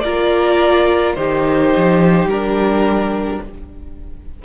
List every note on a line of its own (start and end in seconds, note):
0.00 1.17 A#3
0.00 1.17 F4
0.00 1.16 A#4
0.00 1.13 D5
1.14 1.74 D#3
1.14 2.30 D#4
1.14 3.42 G4
1.14 2.27 C5
1.76 2.25 F3
2.25 3.38 G3
2.25 3.44 D4
2.25 3.42 A#4